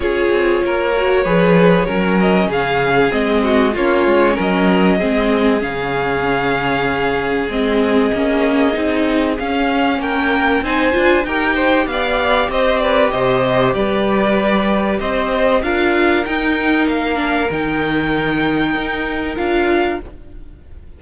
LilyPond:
<<
  \new Staff \with { instrumentName = "violin" } { \time 4/4 \tempo 4 = 96 cis''2.~ cis''8 dis''8 | f''4 dis''4 cis''4 dis''4~ | dis''4 f''2. | dis''2. f''4 |
g''4 gis''4 g''4 f''4 | dis''8 d''8 dis''4 d''2 | dis''4 f''4 g''4 f''4 | g''2. f''4 | }
  \new Staff \with { instrumentName = "violin" } { \time 4/4 gis'4 ais'4 b'4 ais'4 | gis'4. fis'8 f'4 ais'4 | gis'1~ | gis'1 |
ais'4 c''4 ais'8 c''8 d''4 | c''8 b'8 c''4 b'2 | c''4 ais'2.~ | ais'1 | }
  \new Staff \with { instrumentName = "viola" } { \time 4/4 f'4. fis'8 gis'4 cis'4~ | cis'4 c'4 cis'2 | c'4 cis'2. | c'4 cis'4 dis'4 cis'4~ |
cis'4 dis'8 f'8 g'2~ | g'1~ | g'4 f'4 dis'4. d'8 | dis'2. f'4 | }
  \new Staff \with { instrumentName = "cello" } { \time 4/4 cis'8 c'8 ais4 f4 fis4 | cis4 gis4 ais8 gis8 fis4 | gis4 cis2. | gis4 ais4 c'4 cis'4 |
ais4 c'8 d'8 dis'4 b4 | c'4 c4 g2 | c'4 d'4 dis'4 ais4 | dis2 dis'4 d'4 | }
>>